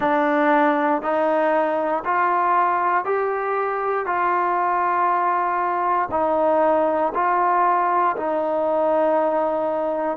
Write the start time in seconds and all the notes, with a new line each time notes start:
0.00 D4
1.02 D#4
2.04 F4
3.05 G4
4.05 F4
6.11 D#4
7.14 F4
8.16 D#4